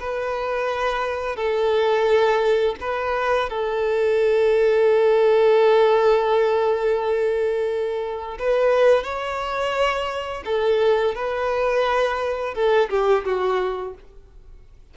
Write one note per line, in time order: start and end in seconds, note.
0.00 1.36 B4
1.36 2.76 A4
2.81 3.50 B4
3.50 8.38 A4
8.39 9.04 B4
9.04 10.44 C#5
10.46 11.15 A4
11.15 12.55 B4
12.55 12.89 A4
12.90 13.25 G4
13.25 13.95 F#4